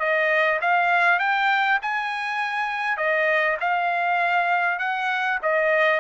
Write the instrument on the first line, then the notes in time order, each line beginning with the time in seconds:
trumpet
0.00 D#5
0.61 F5
1.19 G5
1.82 G#5
2.98 D#5
3.61 F5
4.79 F#5
5.43 D#5